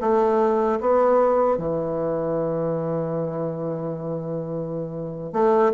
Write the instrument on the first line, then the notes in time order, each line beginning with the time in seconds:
bassoon
0.00 A3
0.80 B3
1.57 E3
5.33 A3